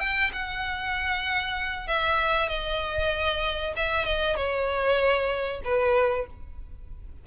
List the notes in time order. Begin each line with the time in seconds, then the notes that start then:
0.00 G5
0.33 F#5
1.88 E5
2.49 D#5
3.76 E5
4.05 D#5
4.36 C#5
5.64 B4